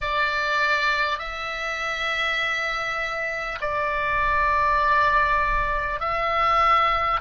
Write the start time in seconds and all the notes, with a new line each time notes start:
0.01 D5
1.18 E5
3.60 D5
6.00 E5